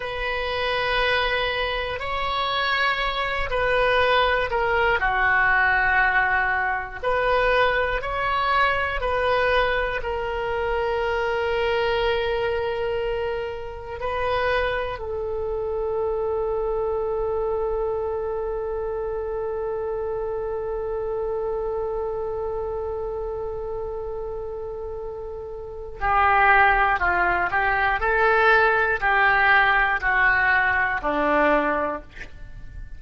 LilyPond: \new Staff \with { instrumentName = "oboe" } { \time 4/4 \tempo 4 = 60 b'2 cis''4. b'8~ | b'8 ais'8 fis'2 b'4 | cis''4 b'4 ais'2~ | ais'2 b'4 a'4~ |
a'1~ | a'1~ | a'2 g'4 f'8 g'8 | a'4 g'4 fis'4 d'4 | }